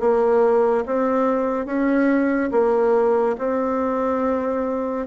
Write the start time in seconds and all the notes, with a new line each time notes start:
0.00 A#3
0.86 C4
1.66 C#4
2.52 A#3
3.38 C4